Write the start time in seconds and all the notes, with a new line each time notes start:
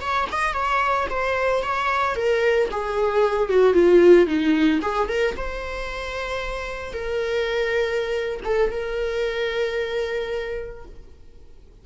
0.00 C#5
0.31 D#5
0.53 C#5
1.10 C5
1.62 C#5
2.15 A#4
2.71 G#4
3.49 F#4
3.73 F4
4.26 D#4
4.81 G#4
5.08 A#4
5.36 C5
6.93 A#4
8.44 A4
8.71 A#4